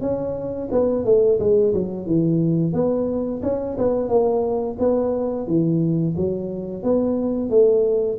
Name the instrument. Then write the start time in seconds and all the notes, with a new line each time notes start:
tuba
0.00 C#4
0.71 B3
1.04 A3
1.39 G#3
1.74 F#3
2.06 E3
2.73 B3
3.42 C#4
3.77 B3
4.08 A#3
4.79 B3
5.47 E3
6.16 F#3
6.83 B3
7.49 A3